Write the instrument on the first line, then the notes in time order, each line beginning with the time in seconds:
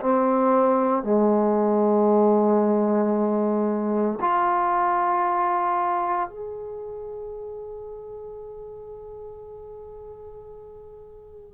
trombone
0.00 C4
1.03 G#3
4.20 F4
6.29 G#4